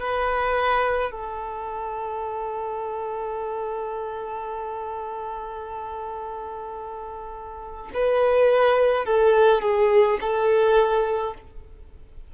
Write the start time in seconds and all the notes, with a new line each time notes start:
0.00 B4
1.12 A4
7.94 B4
9.06 A4
9.62 G#4
10.21 A4